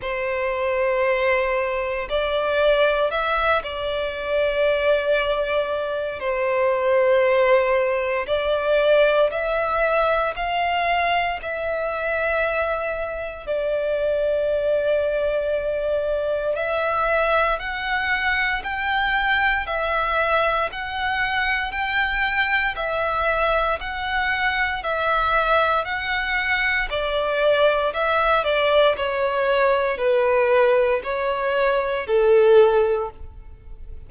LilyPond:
\new Staff \with { instrumentName = "violin" } { \time 4/4 \tempo 4 = 58 c''2 d''4 e''8 d''8~ | d''2 c''2 | d''4 e''4 f''4 e''4~ | e''4 d''2. |
e''4 fis''4 g''4 e''4 | fis''4 g''4 e''4 fis''4 | e''4 fis''4 d''4 e''8 d''8 | cis''4 b'4 cis''4 a'4 | }